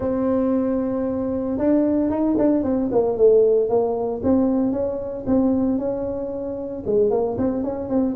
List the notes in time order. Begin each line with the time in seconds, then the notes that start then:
0.00 C4
1.58 D4
2.09 D#4
2.38 D4
2.63 C4
2.91 A#3
3.17 A3
3.69 A#3
4.23 C4
4.72 C#4
5.26 C4
5.78 C#4
6.86 G#3
7.10 A#3
7.38 C4
7.63 C#4
7.89 C4